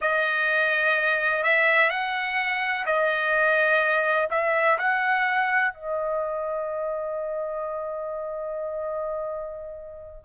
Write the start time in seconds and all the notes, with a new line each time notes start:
0.01 D#5
1.43 E5
1.90 F#5
2.86 D#5
4.30 E5
4.78 F#5
5.73 D#5